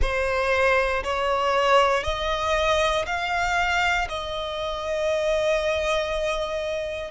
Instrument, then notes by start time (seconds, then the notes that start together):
violin
0.01 C5
1.03 C#5
2.03 D#5
3.06 F5
4.09 D#5